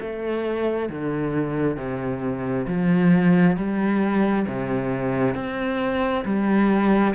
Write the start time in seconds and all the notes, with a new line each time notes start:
0.00 A3
0.89 D3
1.77 C3
2.67 F3
3.56 G3
4.47 C3
5.35 C4
6.25 G3